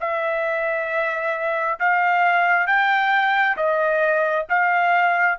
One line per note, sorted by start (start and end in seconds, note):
0.00 1.79 E5
1.79 2.66 F5
2.66 3.56 G5
3.56 4.46 D#5
4.49 5.39 F5